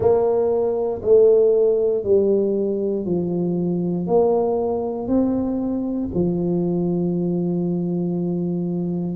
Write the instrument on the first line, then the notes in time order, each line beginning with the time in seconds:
tuba
0.00 A#3
1.02 A3
2.03 G3
3.05 F3
4.06 A#3
5.07 C4
6.13 F3